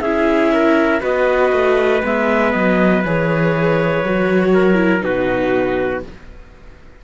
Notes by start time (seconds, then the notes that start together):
0.00 C#4 E4 G#4 E5
0.53 A#4
1.00 B3 F#4 B4 D#5
1.52 A3
2.03 G#3 B3 E5
2.52 F#3 D#5
3.04 E3 G#4 C#5
4.04 F#3 F#4
4.54 A#4
4.74 E4
5.00 B2 D#4 F#4 B4